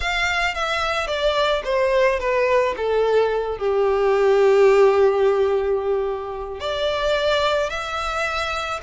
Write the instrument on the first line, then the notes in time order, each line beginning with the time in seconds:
violin
0.00 F5
0.54 E5
1.07 D5
1.64 C5
2.19 B4
2.76 A4
3.58 G4
6.60 D5
7.69 E5